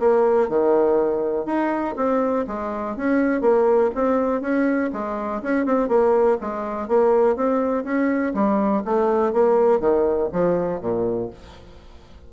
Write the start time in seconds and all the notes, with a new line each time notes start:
0.00 A#3
0.49 D#3
1.46 D#4
1.97 C4
2.47 G#3
2.97 C#4
3.42 A#3
3.95 C4
4.41 C#4
4.93 G#3
5.43 C#4
5.66 C4
5.89 A#3
6.41 G#3
6.88 A#3
7.36 C4
7.84 C#4
8.34 G3
8.85 A3
9.33 A#3
9.80 D#3
10.33 F3
10.81 A#2